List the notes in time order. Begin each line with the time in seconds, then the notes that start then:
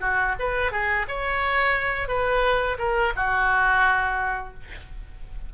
0.00 F#4
0.39 B4
0.71 G#4
1.08 C#5
2.08 B4
2.78 A#4
3.16 F#4